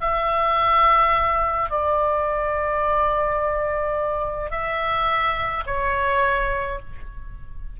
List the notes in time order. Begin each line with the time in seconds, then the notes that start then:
0.00 E5
1.70 D5
4.50 E5
5.66 C#5